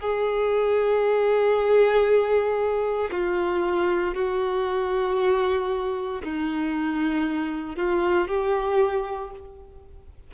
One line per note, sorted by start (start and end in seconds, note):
0.00 3.10 G#4
3.11 4.14 F4
4.14 6.21 F#4
6.24 7.76 D#4
7.76 8.28 F4
8.28 9.31 G4